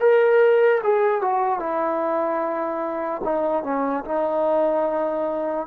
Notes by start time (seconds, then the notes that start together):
0.00 A#4
0.83 G#4
1.21 F#4
1.59 E4
3.24 D#4
3.63 C#4
4.04 D#4